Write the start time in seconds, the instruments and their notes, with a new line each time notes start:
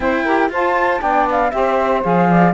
0.00 saxophone C4 C5, cello E4, flute G5
0.24 saxophone G4 A#4
0.49 cello F4, saxophone F4 C5, flute A5
0.99 cello B3, saxophone D4 D5, flute G5
1.31 flute F5
1.51 cello C4, saxophone G4 C5, flute E5
2.02 cello F3, saxophone G#4, flute F5
2.29 saxophone D5